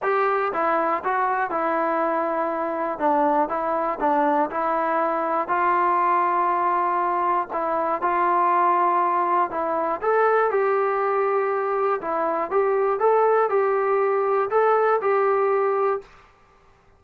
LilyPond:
\new Staff \with { instrumentName = "trombone" } { \time 4/4 \tempo 4 = 120 g'4 e'4 fis'4 e'4~ | e'2 d'4 e'4 | d'4 e'2 f'4~ | f'2. e'4 |
f'2. e'4 | a'4 g'2. | e'4 g'4 a'4 g'4~ | g'4 a'4 g'2 | }